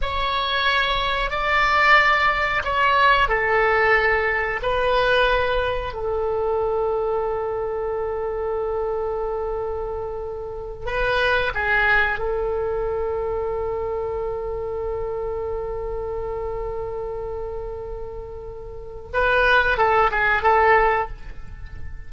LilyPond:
\new Staff \with { instrumentName = "oboe" } { \time 4/4 \tempo 4 = 91 cis''2 d''2 | cis''4 a'2 b'4~ | b'4 a'2.~ | a'1~ |
a'8 b'4 gis'4 a'4.~ | a'1~ | a'1~ | a'4 b'4 a'8 gis'8 a'4 | }